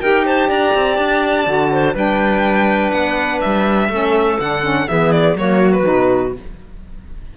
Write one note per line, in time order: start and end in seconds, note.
0.00 0.49 D#4
0.00 1.45 G4
0.00 0.24 A#4
0.00 0.24 G5
0.25 0.47 C5
0.25 0.49 A5
0.47 0.73 D4
0.47 1.69 D5
0.47 0.96 A#5
0.74 0.97 C4
0.96 1.46 D4
0.96 1.94 A5
1.45 1.94 D3
1.45 1.93 F#4
1.71 1.94 C5
1.94 2.92 G3
1.94 3.89 D4
1.94 3.89 B4
1.94 2.91 G5
2.91 3.41 B3
2.91 3.40 F#5
3.40 3.89 G3
3.40 4.38 E5
3.89 4.37 A3
3.89 4.39 C#4
3.89 4.87 A4
4.39 4.88 D3
4.39 4.62 D4
4.39 4.88 F#5
4.62 4.87 C#4
4.87 5.35 E3
4.87 5.35 B3
4.87 5.36 G#4
4.87 5.11 E5
5.11 5.35 D5
5.35 5.84 F#3
5.35 5.83 A#3
5.35 6.36 F#4
5.35 5.72 C#5
5.72 6.33 B4
5.83 6.37 B2
5.83 6.31 D#4